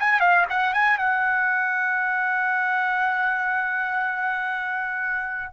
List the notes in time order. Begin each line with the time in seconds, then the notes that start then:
0.00 G#5
0.20 F5
0.49 F#5
0.74 G#5
0.98 F#5